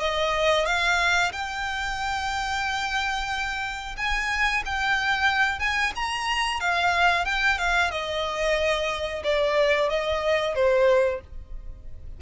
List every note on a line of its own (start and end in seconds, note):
0.00 0.66 D#5
0.66 1.32 F5
1.32 3.96 G5
3.97 4.63 G#5
4.65 5.59 G5
5.59 5.92 G#5
5.95 6.60 A#5
6.60 7.25 F5
7.25 7.58 G5
7.58 7.91 F5
7.91 9.23 D#5
9.24 9.89 D5
9.89 10.55 D#5
10.55 11.21 C5